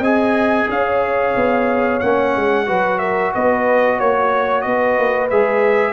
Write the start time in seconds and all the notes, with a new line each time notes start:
0.00 C4 G#4 D#5 G#5
0.69 C#4 C#5 F5
1.36 B3
2.00 A#3 C#4 F#5
2.36 G#3
2.66 F#3 F#4 B4
2.99 A#4 E5
3.35 B3 B4 D#5
3.98 A#3 C#5
4.62 B3 D#5
4.68 B4
4.99 A#3
5.30 G#3 G#4 E5